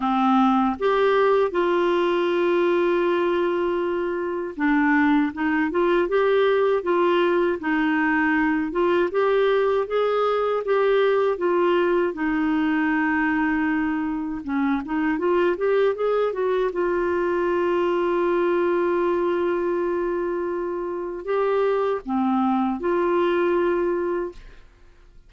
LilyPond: \new Staff \with { instrumentName = "clarinet" } { \time 4/4 \tempo 4 = 79 c'4 g'4 f'2~ | f'2 d'4 dis'8 f'8 | g'4 f'4 dis'4. f'8 | g'4 gis'4 g'4 f'4 |
dis'2. cis'8 dis'8 | f'8 g'8 gis'8 fis'8 f'2~ | f'1 | g'4 c'4 f'2 | }